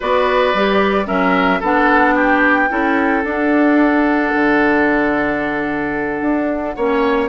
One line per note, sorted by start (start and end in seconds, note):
0.00 0.53 B3
0.00 0.54 F#4
0.00 1.06 B4
0.00 1.07 D5
0.53 1.07 G3
0.53 1.05 G4
1.05 1.61 F#3
1.05 1.59 C#4
1.05 1.60 A#4
1.05 1.61 E5
1.60 2.69 B3
1.60 2.69 D4
1.60 2.14 A4
1.60 2.17 F#5
2.15 2.69 G4
2.15 3.24 G5
2.69 3.24 C#4
2.69 3.23 E4
2.69 6.76 A4
3.24 4.32 D4
3.24 6.76 D4
3.24 7.29 F#5
4.34 6.21 D3
6.21 6.75 D4
6.76 7.29 A#3
6.76 7.29 C#4
6.76 7.29 C#5